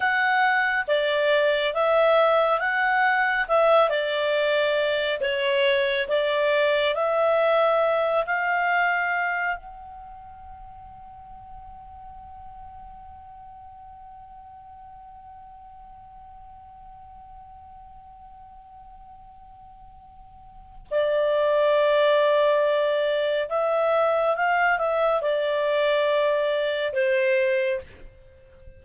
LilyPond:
\new Staff \with { instrumentName = "clarinet" } { \time 4/4 \tempo 4 = 69 fis''4 d''4 e''4 fis''4 | e''8 d''4. cis''4 d''4 | e''4. f''4. fis''4~ | fis''1~ |
fis''1~ | fis''1 | d''2. e''4 | f''8 e''8 d''2 c''4 | }